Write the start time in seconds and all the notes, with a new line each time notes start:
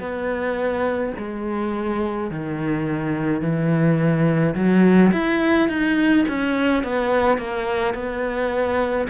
0.00 B3
1.18 G#3
2.31 D#3
3.42 E3
4.55 F#3
5.13 E4
5.69 D#4
6.28 C#4
6.83 B3
7.38 A#3
7.95 B3